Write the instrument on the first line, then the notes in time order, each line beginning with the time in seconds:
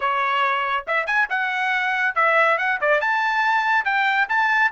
trumpet
0.00 C#5
0.87 E5
1.06 G#5
1.29 F#5
2.15 E5
2.58 F#5
2.81 D5
3.01 A5
3.85 G5
4.28 A5